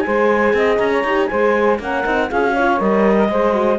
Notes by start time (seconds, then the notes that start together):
0.00 G#4 C5 G#5
0.07 G#3
0.54 C4 D#5
0.78 C#4 A#5
0.91 C#5
1.04 D#4 G4
1.27 G#3 G#4 C5 G#5
1.80 A#3 C#4 A#4 F#5
2.04 C4 D#4
2.29 C#4 F4 G#4 F5
2.43 F#4
2.52 C#5
2.58 F4
2.79 G3 A#4 D#5
3.17 A#4
3.29 G#3 G#4 C5
3.53 F#4